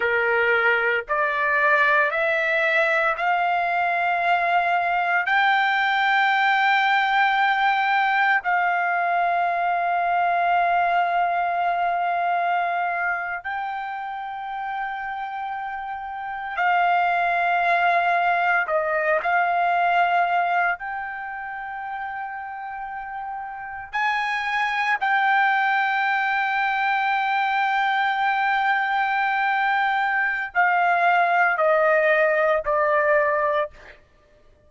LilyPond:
\new Staff \with { instrumentName = "trumpet" } { \time 4/4 \tempo 4 = 57 ais'4 d''4 e''4 f''4~ | f''4 g''2. | f''1~ | f''8. g''2. f''16~ |
f''4.~ f''16 dis''8 f''4. g''16~ | g''2~ g''8. gis''4 g''16~ | g''1~ | g''4 f''4 dis''4 d''4 | }